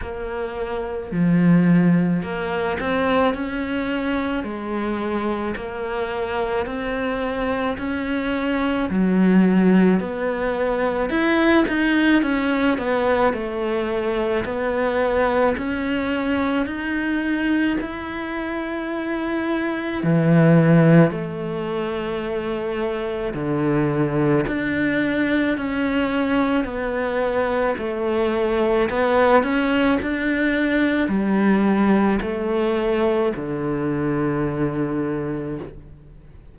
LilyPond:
\new Staff \with { instrumentName = "cello" } { \time 4/4 \tempo 4 = 54 ais4 f4 ais8 c'8 cis'4 | gis4 ais4 c'4 cis'4 | fis4 b4 e'8 dis'8 cis'8 b8 | a4 b4 cis'4 dis'4 |
e'2 e4 a4~ | a4 d4 d'4 cis'4 | b4 a4 b8 cis'8 d'4 | g4 a4 d2 | }